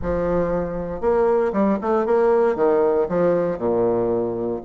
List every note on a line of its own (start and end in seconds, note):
0.01 1.00 F3
1.00 1.52 A#3
1.52 1.78 G3
1.81 2.06 A3
2.06 2.55 A#3
2.55 3.07 D#3
3.08 3.58 F3
3.58 4.60 A#2